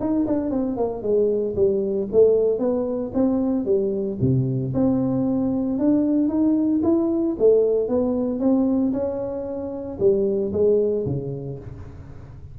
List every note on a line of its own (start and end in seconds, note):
0.00 0.26 D#4
0.27 0.51 D4
0.51 0.77 C4
0.77 1.03 A#3
1.03 1.55 G#3
1.56 2.08 G3
2.12 2.59 A3
2.59 3.11 B3
3.14 3.65 C4
3.65 4.18 G3
4.21 4.73 C3
4.74 5.79 C4
5.79 6.28 D4
6.28 6.81 D#4
6.83 7.36 E4
7.39 7.89 A3
7.89 8.40 B3
8.40 8.92 C4
8.93 9.98 C#4
10.00 10.52 G3
10.53 11.06 G#3
11.06 11.59 C#3